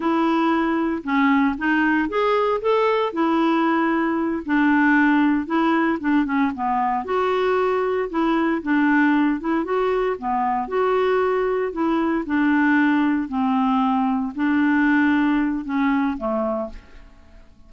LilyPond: \new Staff \with { instrumentName = "clarinet" } { \time 4/4 \tempo 4 = 115 e'2 cis'4 dis'4 | gis'4 a'4 e'2~ | e'8 d'2 e'4 d'8 | cis'8 b4 fis'2 e'8~ |
e'8 d'4. e'8 fis'4 b8~ | b8 fis'2 e'4 d'8~ | d'4. c'2 d'8~ | d'2 cis'4 a4 | }